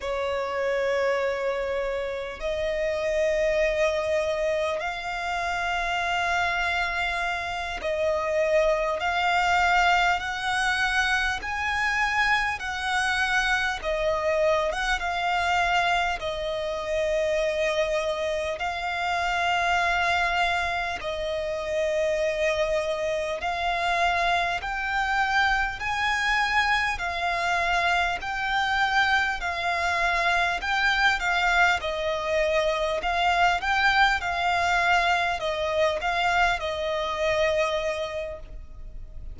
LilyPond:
\new Staff \with { instrumentName = "violin" } { \time 4/4 \tempo 4 = 50 cis''2 dis''2 | f''2~ f''8 dis''4 f''8~ | f''8 fis''4 gis''4 fis''4 dis''8~ | dis''16 fis''16 f''4 dis''2 f''8~ |
f''4. dis''2 f''8~ | f''8 g''4 gis''4 f''4 g''8~ | g''8 f''4 g''8 f''8 dis''4 f''8 | g''8 f''4 dis''8 f''8 dis''4. | }